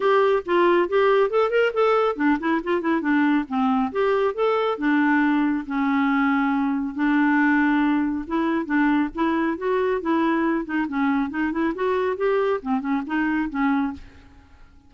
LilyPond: \new Staff \with { instrumentName = "clarinet" } { \time 4/4 \tempo 4 = 138 g'4 f'4 g'4 a'8 ais'8 | a'4 d'8 e'8 f'8 e'8 d'4 | c'4 g'4 a'4 d'4~ | d'4 cis'2. |
d'2. e'4 | d'4 e'4 fis'4 e'4~ | e'8 dis'8 cis'4 dis'8 e'8 fis'4 | g'4 c'8 cis'8 dis'4 cis'4 | }